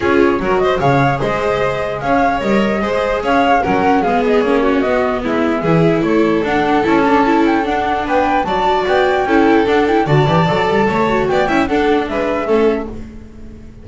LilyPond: <<
  \new Staff \with { instrumentName = "flute" } { \time 4/4 \tempo 4 = 149 cis''4. dis''8 f''4 dis''4~ | dis''4 f''4 dis''2 | f''4 fis''4 f''8 dis''8 cis''4 | dis''4 e''2 cis''4 |
fis''4 a''4. g''8 fis''4 | g''4 a''4 g''2 | fis''8 g''8 a''2. | g''4 fis''4 e''2 | }
  \new Staff \with { instrumentName = "violin" } { \time 4/4 gis'4 ais'8 c''8 cis''4 c''4~ | c''4 cis''2 c''4 | cis''4 ais'4 gis'4. fis'8~ | fis'4 e'4 gis'4 a'4~ |
a'1 | b'4 d''2 a'4~ | a'4 d''2 cis''4 | d''8 e''8 a'4 b'4 a'4 | }
  \new Staff \with { instrumentName = "viola" } { \time 4/4 f'4 fis'4 gis'2~ | gis'2 ais'4 gis'4~ | gis'4 cis'4 b4 cis'4 | b2 e'2 |
d'4 e'8 d'8 e'4 d'4~ | d'4 fis'2 e'4 | d'8 e'8 fis'8 g'8 a'4. fis'8~ | fis'8 e'8 d'2 cis'4 | }
  \new Staff \with { instrumentName = "double bass" } { \time 4/4 cis'4 fis4 cis4 gis4~ | gis4 cis'4 g4 gis4 | cis'4 fis4 gis4 ais4 | b4 gis4 e4 a4 |
d'4 cis'2 d'4 | b4 fis4 b4 cis'4 | d'4 d8 e8 fis8 g8 a4 | b8 cis'8 d'4 gis4 a4 | }
>>